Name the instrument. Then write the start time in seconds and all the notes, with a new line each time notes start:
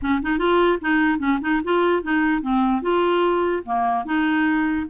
clarinet
0.01 C#4
0.22 D#4
0.38 F4
0.81 D#4
1.18 C#4
1.41 D#4
1.63 F4
2.02 D#4
2.41 C4
2.82 F4
3.65 A#3
4.05 D#4